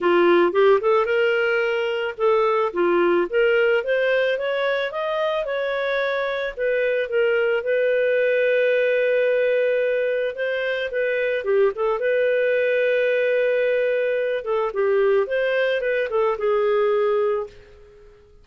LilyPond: \new Staff \with { instrumentName = "clarinet" } { \time 4/4 \tempo 4 = 110 f'4 g'8 a'8 ais'2 | a'4 f'4 ais'4 c''4 | cis''4 dis''4 cis''2 | b'4 ais'4 b'2~ |
b'2. c''4 | b'4 g'8 a'8 b'2~ | b'2~ b'8 a'8 g'4 | c''4 b'8 a'8 gis'2 | }